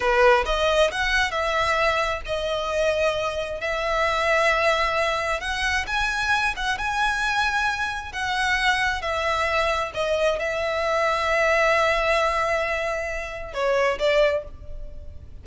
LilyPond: \new Staff \with { instrumentName = "violin" } { \time 4/4 \tempo 4 = 133 b'4 dis''4 fis''4 e''4~ | e''4 dis''2. | e''1 | fis''4 gis''4. fis''8 gis''4~ |
gis''2 fis''2 | e''2 dis''4 e''4~ | e''1~ | e''2 cis''4 d''4 | }